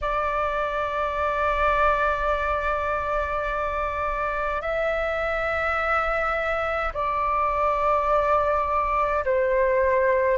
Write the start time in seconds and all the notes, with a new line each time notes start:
0.01 D5
4.62 E5
6.93 D5
9.24 C5